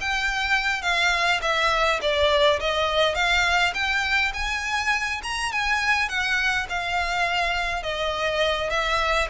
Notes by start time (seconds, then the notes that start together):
0.00 G5
0.82 F5
1.41 E5
2.01 D5
2.59 D#5
3.15 F5
3.74 G5
4.33 G#5
5.23 A#5
5.52 G#5
6.08 F#5
6.69 F5
7.82 D#5
8.70 E5